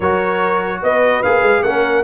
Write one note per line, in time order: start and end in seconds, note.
0.00 0.82 F#3
0.00 1.24 F#4
0.00 0.79 A#4
0.00 0.82 C#5
0.82 1.23 B3
0.82 1.64 B4
0.82 1.23 D#5
1.23 1.42 A#3
1.23 1.65 G#4
1.23 1.62 F5
1.42 1.62 G#3
1.62 2.04 A#3
1.62 2.04 C#4
1.62 2.04 A#4
1.62 2.03 F#5